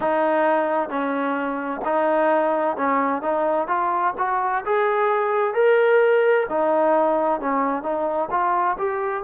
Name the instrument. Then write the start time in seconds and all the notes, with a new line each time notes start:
trombone
0.00 D#4
0.89 C#4
1.84 D#4
2.77 C#4
3.21 D#4
3.67 F4
4.18 F#4
4.64 G#4
5.54 A#4
6.49 D#4
7.40 C#4
7.82 D#4
8.30 F4
8.77 G4